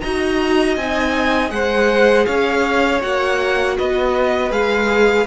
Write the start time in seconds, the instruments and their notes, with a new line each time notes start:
0.00 cello D#4, viola F#4, violin D#5 A#5
0.76 cello C4, viola D#4, violin G#5
1.49 cello G#3, viola G#4, violin C5 F#5
2.26 cello C#4, violin C#5 F5
3.02 cello A#3, viola F#4, violin F#5
3.78 cello B3, violin B4 D#5
4.51 cello G#3, viola G#4, violin F5